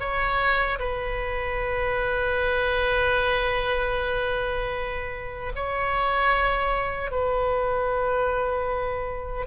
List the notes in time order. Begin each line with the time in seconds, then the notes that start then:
0.00 C#5
0.79 B4
5.56 C#5
7.11 B4